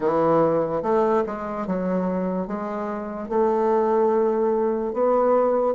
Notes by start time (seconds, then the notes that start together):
0.00 E3
0.82 A3
1.26 G#3
1.67 F#3
2.47 G#3
3.29 A3
4.93 B3